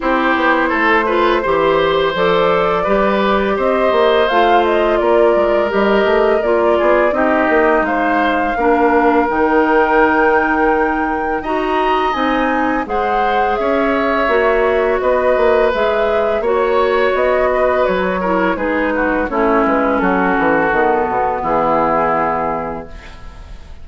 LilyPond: <<
  \new Staff \with { instrumentName = "flute" } { \time 4/4 \tempo 4 = 84 c''2. d''4~ | d''4 dis''4 f''8 dis''8 d''4 | dis''4 d''4 dis''4 f''4~ | f''4 g''2. |
ais''4 gis''4 fis''4 e''4~ | e''4 dis''4 e''4 cis''4 | dis''4 cis''4 b'4 cis''8 b'8 | a'2 gis'2 | }
  \new Staff \with { instrumentName = "oboe" } { \time 4/4 g'4 a'8 b'8 c''2 | b'4 c''2 ais'4~ | ais'4. gis'8 g'4 c''4 | ais'1 |
dis''2 c''4 cis''4~ | cis''4 b'2 cis''4~ | cis''8 b'4 ais'8 gis'8 fis'8 e'4 | fis'2 e'2 | }
  \new Staff \with { instrumentName = "clarinet" } { \time 4/4 e'4. f'8 g'4 a'4 | g'2 f'2 | g'4 f'4 dis'2 | d'4 dis'2. |
fis'4 dis'4 gis'2 | fis'2 gis'4 fis'4~ | fis'4. e'8 dis'4 cis'4~ | cis'4 b2. | }
  \new Staff \with { instrumentName = "bassoon" } { \time 4/4 c'8 b8 a4 e4 f4 | g4 c'8 ais8 a4 ais8 gis8 | g8 a8 ais8 b8 c'8 ais8 gis4 | ais4 dis2. |
dis'4 c'4 gis4 cis'4 | ais4 b8 ais8 gis4 ais4 | b4 fis4 gis4 a8 gis8 | fis8 e8 dis8 b,8 e2 | }
>>